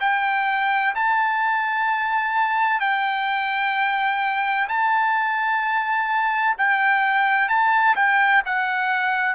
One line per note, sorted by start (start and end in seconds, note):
0.00 0.94 G5
0.95 2.80 A5
2.80 4.67 G5
4.68 6.56 A5
6.58 7.48 G5
7.48 7.95 A5
7.96 8.42 G5
8.45 9.35 F#5